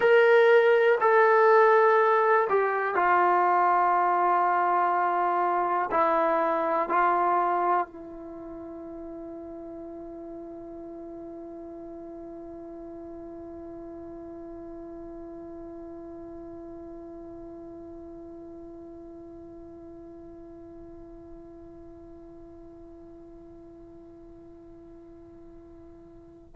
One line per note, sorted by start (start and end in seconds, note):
0.00 0.98 A#4
1.00 2.48 A4
2.49 2.95 G4
2.95 5.90 F4
5.91 6.89 E4
6.89 7.86 F4
7.86 26.55 E4